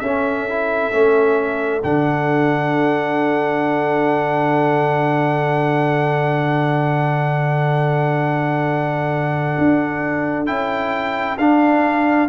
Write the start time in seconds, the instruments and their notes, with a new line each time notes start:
0.00 tuba C#4, trombone C#4, horn A4, trumpet E5
0.49 trombone E4
0.92 tuba A3, trombone C#4
1.84 tuba D3, trombone D4, trumpet F#5
9.58 tuba D4
10.47 tuba C#4, trombone E4, trumpet G5
11.38 tuba D4, trombone D4, trumpet F5